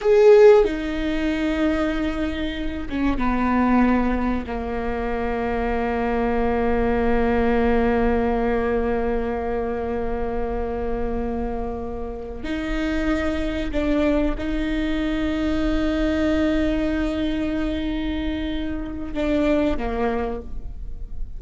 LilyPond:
\new Staff \with { instrumentName = "viola" } { \time 4/4 \tempo 4 = 94 gis'4 dis'2.~ | dis'8 cis'8 b2 ais4~ | ais1~ | ais1~ |
ais2.~ ais8 dis'8~ | dis'4. d'4 dis'4.~ | dis'1~ | dis'2 d'4 ais4 | }